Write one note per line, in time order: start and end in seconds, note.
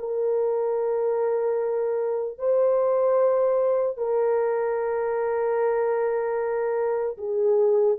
0.00 2.39 A#4
2.39 3.98 C5
3.98 7.18 A#4
7.18 7.98 G#4